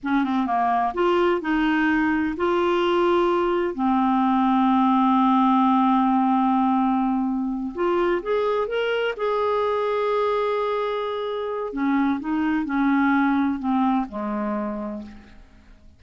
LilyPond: \new Staff \with { instrumentName = "clarinet" } { \time 4/4 \tempo 4 = 128 cis'8 c'8 ais4 f'4 dis'4~ | dis'4 f'2. | c'1~ | c'1~ |
c'8 f'4 gis'4 ais'4 gis'8~ | gis'1~ | gis'4 cis'4 dis'4 cis'4~ | cis'4 c'4 gis2 | }